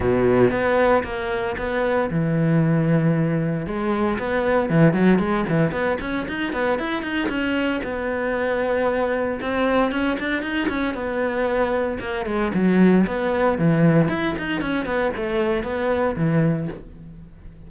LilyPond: \new Staff \with { instrumentName = "cello" } { \time 4/4 \tempo 4 = 115 b,4 b4 ais4 b4 | e2. gis4 | b4 e8 fis8 gis8 e8 b8 cis'8 | dis'8 b8 e'8 dis'8 cis'4 b4~ |
b2 c'4 cis'8 d'8 | dis'8 cis'8 b2 ais8 gis8 | fis4 b4 e4 e'8 dis'8 | cis'8 b8 a4 b4 e4 | }